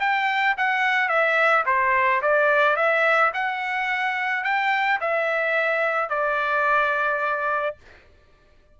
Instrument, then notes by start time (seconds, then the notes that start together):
trumpet
0.00 G5
0.58 F#5
1.09 E5
1.66 C5
2.22 D5
2.76 E5
3.34 F#5
4.44 G5
5.01 E5
6.10 D5